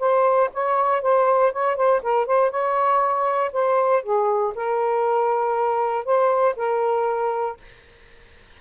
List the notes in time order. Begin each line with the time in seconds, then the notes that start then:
0.00 C5
0.54 C#5
1.02 C5
1.52 C#5
1.77 C5
2.03 A#4
2.26 C5
2.51 C#5
3.53 C5
4.04 G#4
4.56 A#4
6.05 C5
6.56 A#4